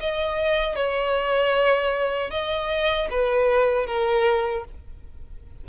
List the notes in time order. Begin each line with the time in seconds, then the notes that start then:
0.00 D#5
0.76 C#5
2.31 D#5
3.11 B4
3.86 A#4